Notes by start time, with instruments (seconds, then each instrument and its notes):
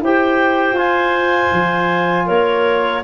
0.00 tuba E4, trombone G4, clarinet C5 G5
0.72 tuba F4, trombone F4, clarinet G#5
1.52 tuba F3
2.25 tuba A#3, clarinet A#4 C#5